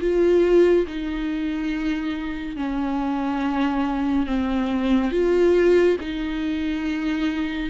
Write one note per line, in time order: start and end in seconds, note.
0.00 0.86 F4
0.86 2.56 D#4
2.56 4.26 C#4
4.26 5.11 C4
5.11 5.96 F4
6.00 7.69 D#4